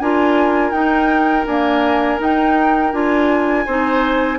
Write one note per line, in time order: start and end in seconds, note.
0.00 0.72 D4
0.00 0.74 F4
0.00 3.66 A#4
0.00 0.72 G#5
0.72 1.45 D#4
0.72 1.47 D#4
0.72 1.45 G5
1.47 2.19 A#3
1.47 2.20 D4
1.47 2.21 G#5
2.19 2.92 D#4
2.19 2.93 D#4
2.19 2.93 G5
2.93 3.66 D4
2.93 3.66 F4
2.93 4.39 G#5
3.66 4.39 C4
3.66 4.39 D#4
3.66 4.39 C5